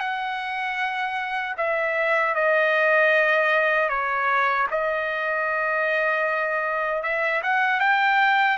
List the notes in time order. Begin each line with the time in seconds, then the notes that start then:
0.00 F#5
1.58 E5
2.35 D#5
3.90 C#5
4.71 D#5
7.03 E5
7.43 F#5
7.80 G5